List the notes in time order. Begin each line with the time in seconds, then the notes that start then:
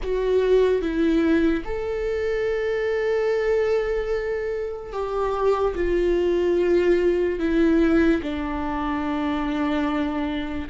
0.02 F#4
0.81 E4
1.64 A4
4.92 G4
5.75 F4
7.39 E4
8.22 D4